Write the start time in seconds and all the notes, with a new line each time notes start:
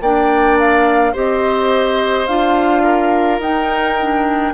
0.00 A#3 D4 D5 G5
0.58 F5
1.12 C4 G4 C5 D#5
2.26 D4 F4 F5
2.83 A#4
3.38 D#4 G5
3.99 D4